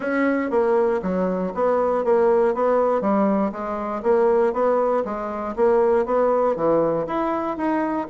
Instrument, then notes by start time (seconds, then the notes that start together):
bassoon
0.00 C#4
0.50 A#3
1.02 F#3
1.54 B3
2.04 A#3
2.54 B3
3.01 G3
3.52 G#3
4.02 A#3
4.53 B3
5.04 G#3
5.56 A#3
6.05 B3
6.56 E3
7.06 E4
7.57 D#4